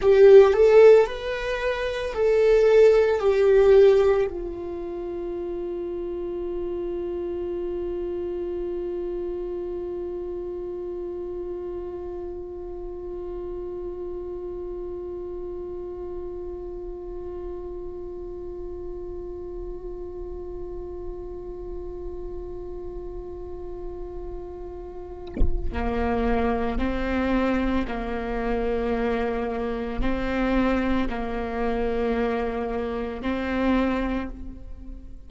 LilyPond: \new Staff \with { instrumentName = "viola" } { \time 4/4 \tempo 4 = 56 g'8 a'8 b'4 a'4 g'4 | f'1~ | f'1~ | f'1~ |
f'1~ | f'1 | ais4 c'4 ais2 | c'4 ais2 c'4 | }